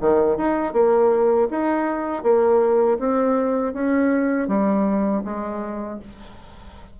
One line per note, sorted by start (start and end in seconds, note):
0.00 0.37 D#3
0.37 0.73 D#4
0.73 1.48 A#3
1.50 2.23 D#4
2.23 2.98 A#3
2.99 3.73 C4
3.73 4.48 C#4
4.48 5.23 G3
5.24 5.99 G#3